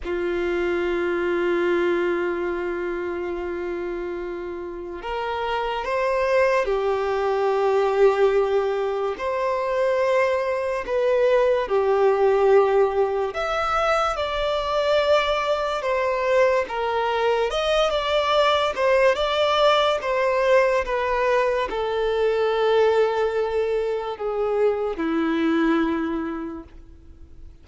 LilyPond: \new Staff \with { instrumentName = "violin" } { \time 4/4 \tempo 4 = 72 f'1~ | f'2 ais'4 c''4 | g'2. c''4~ | c''4 b'4 g'2 |
e''4 d''2 c''4 | ais'4 dis''8 d''4 c''8 d''4 | c''4 b'4 a'2~ | a'4 gis'4 e'2 | }